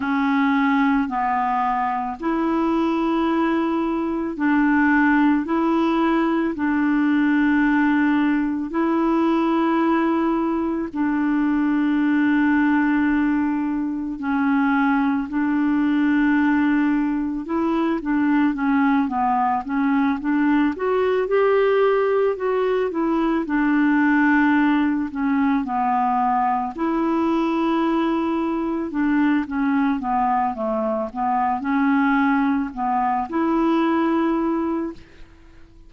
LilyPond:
\new Staff \with { instrumentName = "clarinet" } { \time 4/4 \tempo 4 = 55 cis'4 b4 e'2 | d'4 e'4 d'2 | e'2 d'2~ | d'4 cis'4 d'2 |
e'8 d'8 cis'8 b8 cis'8 d'8 fis'8 g'8~ | g'8 fis'8 e'8 d'4. cis'8 b8~ | b8 e'2 d'8 cis'8 b8 | a8 b8 cis'4 b8 e'4. | }